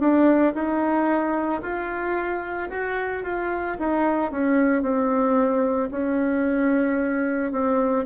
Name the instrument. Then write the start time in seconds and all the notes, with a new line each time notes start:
bassoon
0.00 D4
0.55 D#4
1.62 F4
2.70 F#4
3.24 F4
3.79 D#4
4.32 C#4
4.82 C4
5.92 C#4
7.52 C4